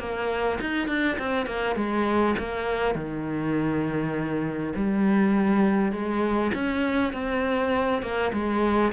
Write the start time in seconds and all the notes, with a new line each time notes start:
0.00 A#3
0.61 D#4
0.88 D4
1.19 C4
1.47 A#3
1.76 G#3
2.39 A#3
2.95 D#3
4.76 G3
5.92 G#3
6.55 C#4
7.13 C4
8.03 A#3
8.33 G#3